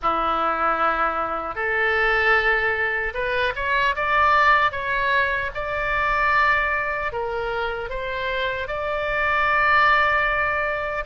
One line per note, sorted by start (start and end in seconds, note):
0.02 1.55 E4
1.55 3.13 A4
3.14 3.53 B4
3.55 3.95 C#5
3.95 4.72 D5
4.72 5.50 C#5
5.54 7.12 D5
7.12 7.89 A#4
7.89 8.67 C5
8.67 11.04 D5